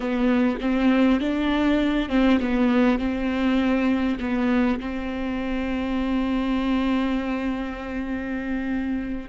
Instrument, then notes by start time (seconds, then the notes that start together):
viola
0.00 B3
0.61 C4
1.20 D4
2.09 C4
2.40 B3
2.98 C4
4.19 B3
4.80 C4